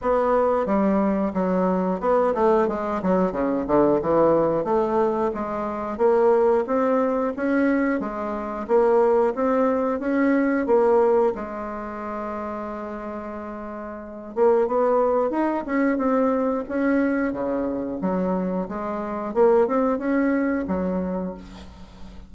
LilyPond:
\new Staff \with { instrumentName = "bassoon" } { \time 4/4 \tempo 4 = 90 b4 g4 fis4 b8 a8 | gis8 fis8 cis8 d8 e4 a4 | gis4 ais4 c'4 cis'4 | gis4 ais4 c'4 cis'4 |
ais4 gis2.~ | gis4. ais8 b4 dis'8 cis'8 | c'4 cis'4 cis4 fis4 | gis4 ais8 c'8 cis'4 fis4 | }